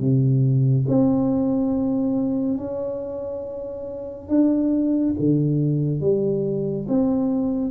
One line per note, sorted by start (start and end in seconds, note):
0.00 0.86 C3
0.88 2.58 C4
2.58 4.29 C#4
4.29 5.14 D4
5.19 6.01 D3
6.01 6.87 G3
6.88 7.71 C4